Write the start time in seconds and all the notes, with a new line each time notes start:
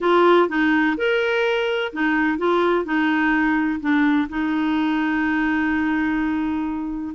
0.01 F4
0.48 D#4
0.97 A#4
1.92 D#4
2.38 F4
2.84 D#4
3.80 D4
4.29 D#4